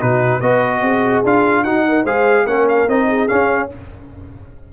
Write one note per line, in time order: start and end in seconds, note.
0.00 0.41 B2
0.00 0.41 D#4
0.00 0.40 F#4
0.00 0.41 B4
0.40 0.82 B3
0.40 1.25 F#4
0.40 0.81 B4
0.40 1.23 D#5
0.82 1.23 C4
0.82 1.64 G#4
1.24 1.64 D4
1.24 1.66 F4
1.24 1.64 F5
1.64 2.05 D#4
1.64 2.07 D#4
1.64 1.85 F#4
1.64 2.05 F#5
1.88 2.04 A#4
2.04 2.46 G#3
2.04 2.48 G#4
2.04 2.45 C5
2.04 2.47 F5
2.46 2.87 A#3
2.46 2.89 C#4
2.46 3.08 A#4
2.46 2.68 F#5
2.69 2.89 F5
2.88 3.29 C4
2.88 3.28 D#4
2.88 3.28 D#5
3.08 3.70 G#4
3.28 3.70 C#4
3.28 3.73 C#4
3.28 3.69 F5